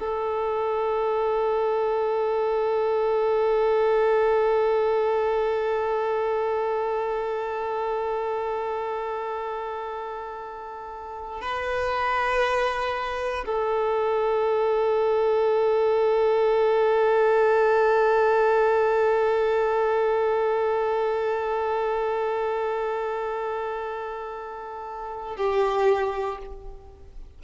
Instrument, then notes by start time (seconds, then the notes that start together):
violin
0.00 A4
11.41 B4
13.46 A4
25.37 G4